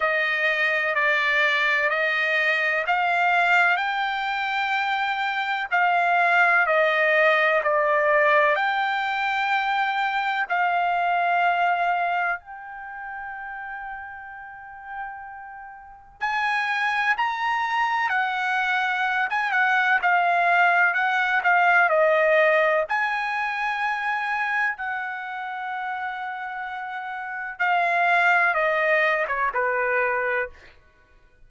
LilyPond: \new Staff \with { instrumentName = "trumpet" } { \time 4/4 \tempo 4 = 63 dis''4 d''4 dis''4 f''4 | g''2 f''4 dis''4 | d''4 g''2 f''4~ | f''4 g''2.~ |
g''4 gis''4 ais''4 fis''4~ | fis''16 gis''16 fis''8 f''4 fis''8 f''8 dis''4 | gis''2 fis''2~ | fis''4 f''4 dis''8. cis''16 b'4 | }